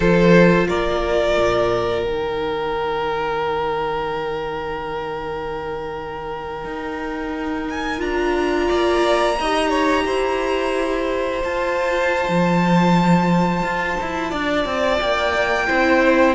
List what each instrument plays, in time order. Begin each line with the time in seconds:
0.00 cello F3, viola F4, violin A4 C5
0.68 cello A#3, violin A#4 D5
1.37 cello A#2
2.03 cello D#3, viola D#4, violin G5
6.64 cello D#4
7.69 violin G#5
7.98 cello D4, viola F4, violin A#5
8.67 cello A#3, violin D5
9.39 cello D#4, viola G4, violin D#5
9.69 violin C#5
10.05 cello E4, violin C5
11.42 viola F4, cello F4, violin A5
12.28 cello F3
13.62 cello F4
14.00 cello E4
14.30 cello D4, violin D5
14.65 cello C4
15.00 cello A#3, violin G5
15.67 cello C4, viola E4, violin C5